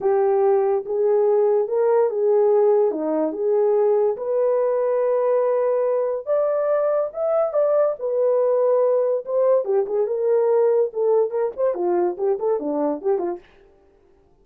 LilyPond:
\new Staff \with { instrumentName = "horn" } { \time 4/4 \tempo 4 = 143 g'2 gis'2 | ais'4 gis'2 dis'4 | gis'2 b'2~ | b'2. d''4~ |
d''4 e''4 d''4 b'4~ | b'2 c''4 g'8 gis'8 | ais'2 a'4 ais'8 c''8 | f'4 g'8 a'8 d'4 g'8 f'8 | }